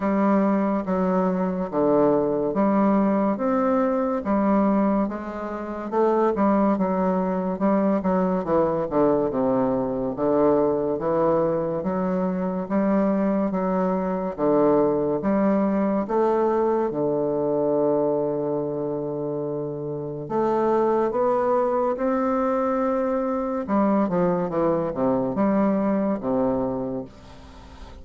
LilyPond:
\new Staff \with { instrumentName = "bassoon" } { \time 4/4 \tempo 4 = 71 g4 fis4 d4 g4 | c'4 g4 gis4 a8 g8 | fis4 g8 fis8 e8 d8 c4 | d4 e4 fis4 g4 |
fis4 d4 g4 a4 | d1 | a4 b4 c'2 | g8 f8 e8 c8 g4 c4 | }